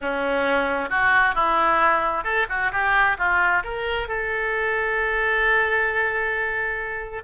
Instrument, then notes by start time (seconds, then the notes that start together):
oboe
0.01 C#4
0.89 F#4
1.34 E4
2.24 A4
2.49 F#4
2.71 G4
3.18 F4
3.63 A#4
4.07 A4